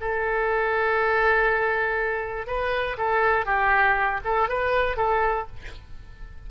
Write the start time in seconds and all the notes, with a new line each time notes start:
0.00 A4
2.46 B4
2.97 A4
3.45 G4
4.24 A4
4.48 B4
4.97 A4